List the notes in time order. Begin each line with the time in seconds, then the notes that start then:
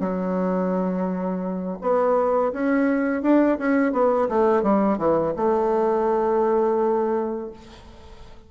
0.00 F#3
1.81 B3
2.53 C#4
3.23 D4
3.59 C#4
3.93 B3
4.29 A3
4.63 G3
4.98 E3
5.37 A3